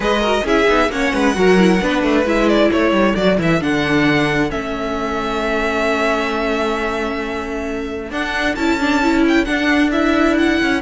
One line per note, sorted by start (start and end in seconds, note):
0.00 0.40 G#3
0.00 0.21 G#4
0.00 0.20 B4
0.00 0.46 D#5
0.20 0.44 F#4
0.20 0.43 A#4
0.44 0.66 C#4
0.44 0.67 E4
0.44 0.89 G#4
0.44 0.91 E5
0.67 0.89 B3
0.67 0.89 D#4
0.89 1.11 A#3
0.89 1.34 C#4
0.89 1.14 C#5
0.89 2.26 F#5
1.14 1.36 G#3
1.14 1.36 B4
1.34 1.81 F#3
1.34 1.57 F#4
1.34 1.83 A#4
1.57 1.80 E4
1.81 2.02 B3
1.81 2.25 D4
1.81 2.69 B4
2.02 2.25 A3
2.25 2.70 G#3
2.25 3.15 E4
2.25 2.48 E5
2.48 2.71 D5
2.69 2.91 A3
2.69 10.81 A4
2.69 3.15 C#5
2.91 3.14 G3
3.15 3.38 F#3
3.15 3.37 F#4
3.15 3.38 D5
3.37 3.61 E3
3.37 3.60 E4
3.37 3.62 E5
3.60 4.51 D3
3.60 4.49 D4
3.60 4.50 F#5
4.49 8.10 A3
4.49 8.10 C#4
4.49 8.11 E5
8.10 8.55 D4
8.10 8.56 D4
8.10 8.55 F#5
8.55 9.46 C#4
8.55 8.80 E4
8.55 9.23 A5
8.80 9.02 D4
9.02 9.45 E4
9.28 9.45 G5
9.45 9.90 D4
9.45 10.61 D4
9.45 9.90 F#5
9.91 10.81 E4
9.91 10.36 E5
10.37 10.81 F#5
10.61 10.81 C#4